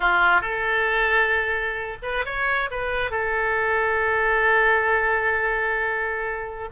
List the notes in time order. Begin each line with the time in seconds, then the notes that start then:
0.00 F4
0.41 A4
2.02 B4
2.25 C#5
2.70 B4
3.10 A4